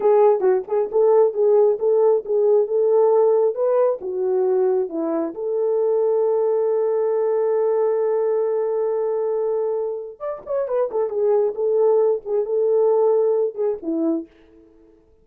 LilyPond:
\new Staff \with { instrumentName = "horn" } { \time 4/4 \tempo 4 = 135 gis'4 fis'8 gis'8 a'4 gis'4 | a'4 gis'4 a'2 | b'4 fis'2 e'4 | a'1~ |
a'1~ | a'2. d''8 cis''8 | b'8 a'8 gis'4 a'4. gis'8 | a'2~ a'8 gis'8 e'4 | }